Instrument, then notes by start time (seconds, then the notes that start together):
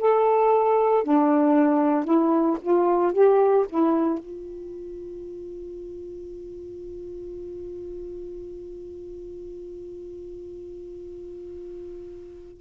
saxophone
0.00 A4
1.04 D4
2.05 E4
2.62 F4
3.13 G4
3.69 E4
4.19 F4